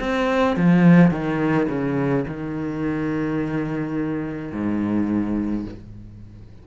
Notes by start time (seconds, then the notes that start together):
0.00 C4
0.57 F3
1.11 D#3
1.69 C#3
2.27 D#3
4.52 G#2